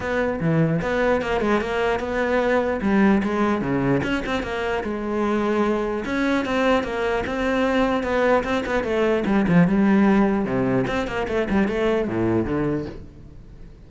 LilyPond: \new Staff \with { instrumentName = "cello" } { \time 4/4 \tempo 4 = 149 b4 e4 b4 ais8 gis8 | ais4 b2 g4 | gis4 cis4 cis'8 c'8 ais4 | gis2. cis'4 |
c'4 ais4 c'2 | b4 c'8 b8 a4 g8 f8 | g2 c4 c'8 ais8 | a8 g8 a4 a,4 d4 | }